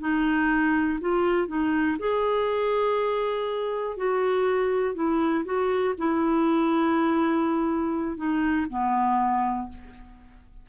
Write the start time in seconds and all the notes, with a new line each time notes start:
0.00 D#4
1.00 F4
1.48 D#4
1.99 G#4
3.97 F#4
4.95 E4
5.45 F#4
5.98 E4
8.17 D#4
8.70 B3